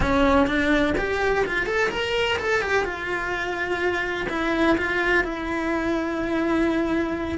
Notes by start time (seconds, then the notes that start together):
0.00 C#4
0.46 D4
0.97 G4
1.45 F4
1.65 A4
1.90 A#4
2.38 A4
2.61 G4
2.84 F4
4.29 E4
4.77 F4
5.24 E4